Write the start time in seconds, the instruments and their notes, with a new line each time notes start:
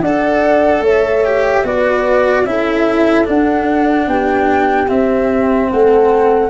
0.00 tuba D4, cello A4, horn D5, flute F#5
0.81 tuba A3, horn C#5, flute E5
1.25 cello G4
1.64 tuba B3, cello F#4, horn B4, flute D5
2.45 tuba C#4, cello E4, horn A4, flute E5
3.25 cello D4, tuba D4, flute F#5
4.07 tuba B3, horn G4, flute G5
4.88 cello C4, tuba C4, flute E5
5.70 tuba A3, horn A4, flute F#5